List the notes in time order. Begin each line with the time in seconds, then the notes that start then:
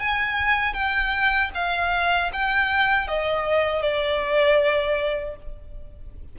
0.00 G#5
0.74 G5
1.55 F5
2.34 G5
3.08 D#5
3.83 D5